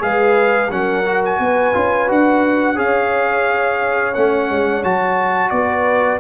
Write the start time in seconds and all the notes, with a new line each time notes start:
0.00 G#3 G#4 B4 F5
0.71 F#3 C#4 A#4 F#5
1.06 F#4
1.25 G#5
1.39 B3 B4
1.74 C#4 F4
2.08 D4 F#4 F#5
2.76 C#4 G#4 C#5 F5
4.15 A3 C#4 F#5
4.51 G#3
4.84 F#3 F#4 A5
5.50 B3 B4 D5